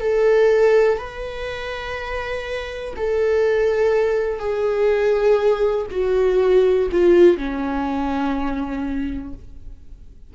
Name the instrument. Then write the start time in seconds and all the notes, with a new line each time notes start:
viola
0.00 A4
0.97 B4
2.96 A4
4.39 G#4
5.91 F#4
6.92 F4
7.37 C#4